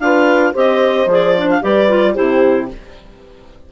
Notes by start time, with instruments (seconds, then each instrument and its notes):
0.00 bassoon D4, clarinet F4 F5, horn B4
0.54 bassoon C4, clarinet G4 D#5, horn C5
1.06 bassoon F3, clarinet G#4
1.12 clarinet D5
1.37 clarinet D4
1.50 clarinet F5
1.62 bassoon G3, clarinet G4 D5, horn B4
1.89 clarinet F4
2.15 bassoon C3, clarinet E4 C5, horn G4